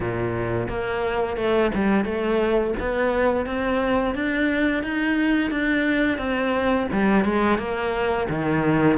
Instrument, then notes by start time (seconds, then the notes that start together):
cello
0.00 A#2
0.68 A#3
1.36 A3
1.74 G3
2.05 A3
2.79 B3
3.45 C4
4.14 D4
4.83 D#4
5.50 D4
6.18 C4
6.92 G3
7.24 G#3
7.58 A#3
8.29 D#3